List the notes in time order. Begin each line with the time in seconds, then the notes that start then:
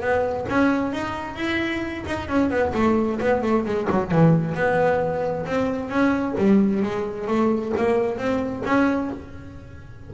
0.00 B3
0.49 C#4
0.92 D#4
1.36 E4
2.06 D#4
2.28 C#4
2.50 B3
2.74 A3
3.20 B3
3.42 A3
3.65 G#3
3.90 F#3
4.11 E3
4.54 B3
5.45 C4
5.89 C#4
6.37 G3
6.82 G#3
7.27 A3
7.77 A#3
8.17 C4
8.65 C#4